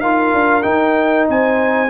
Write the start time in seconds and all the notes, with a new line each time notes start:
0.00 D#4 F4 A#4 F5
0.33 D4
0.62 D#4 G5
1.28 C4 C5 G#5